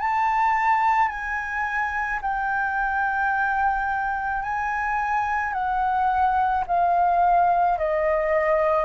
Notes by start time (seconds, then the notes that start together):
0.00 A5
1.09 G#5
2.22 G5
4.43 G#5
5.54 F#5
6.68 F5
7.79 D#5